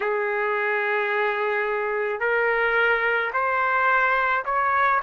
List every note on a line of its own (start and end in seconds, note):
0.00 2.20 G#4
2.20 3.31 A#4
3.33 4.44 C5
4.44 5.00 C#5